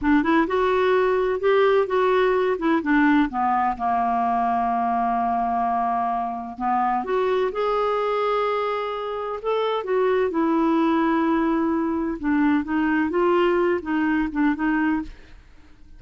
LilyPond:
\new Staff \with { instrumentName = "clarinet" } { \time 4/4 \tempo 4 = 128 d'8 e'8 fis'2 g'4 | fis'4. e'8 d'4 b4 | ais1~ | ais2 b4 fis'4 |
gis'1 | a'4 fis'4 e'2~ | e'2 d'4 dis'4 | f'4. dis'4 d'8 dis'4 | }